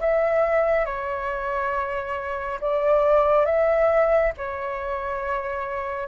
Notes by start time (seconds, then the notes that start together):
0.00 E5
0.85 C#5
2.60 D5
3.45 E5
4.37 C#5